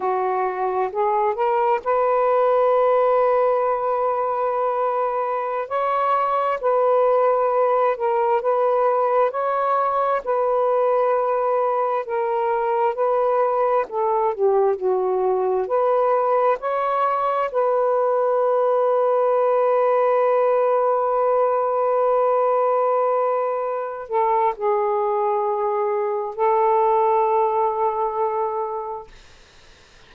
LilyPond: \new Staff \with { instrumentName = "saxophone" } { \time 4/4 \tempo 4 = 66 fis'4 gis'8 ais'8 b'2~ | b'2~ b'16 cis''4 b'8.~ | b'8. ais'8 b'4 cis''4 b'8.~ | b'4~ b'16 ais'4 b'4 a'8 g'16~ |
g'16 fis'4 b'4 cis''4 b'8.~ | b'1~ | b'2~ b'8 a'8 gis'4~ | gis'4 a'2. | }